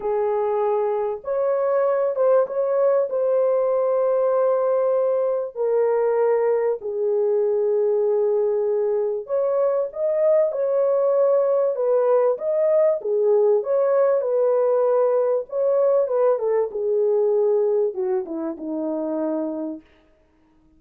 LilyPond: \new Staff \with { instrumentName = "horn" } { \time 4/4 \tempo 4 = 97 gis'2 cis''4. c''8 | cis''4 c''2.~ | c''4 ais'2 gis'4~ | gis'2. cis''4 |
dis''4 cis''2 b'4 | dis''4 gis'4 cis''4 b'4~ | b'4 cis''4 b'8 a'8 gis'4~ | gis'4 fis'8 e'8 dis'2 | }